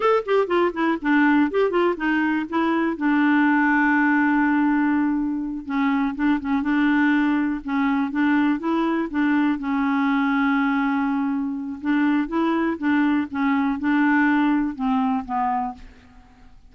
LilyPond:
\new Staff \with { instrumentName = "clarinet" } { \time 4/4 \tempo 4 = 122 a'8 g'8 f'8 e'8 d'4 g'8 f'8 | dis'4 e'4 d'2~ | d'2.~ d'8 cis'8~ | cis'8 d'8 cis'8 d'2 cis'8~ |
cis'8 d'4 e'4 d'4 cis'8~ | cis'1 | d'4 e'4 d'4 cis'4 | d'2 c'4 b4 | }